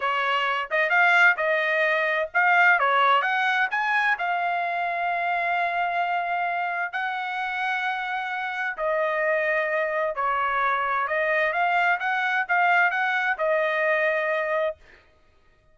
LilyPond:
\new Staff \with { instrumentName = "trumpet" } { \time 4/4 \tempo 4 = 130 cis''4. dis''8 f''4 dis''4~ | dis''4 f''4 cis''4 fis''4 | gis''4 f''2.~ | f''2. fis''4~ |
fis''2. dis''4~ | dis''2 cis''2 | dis''4 f''4 fis''4 f''4 | fis''4 dis''2. | }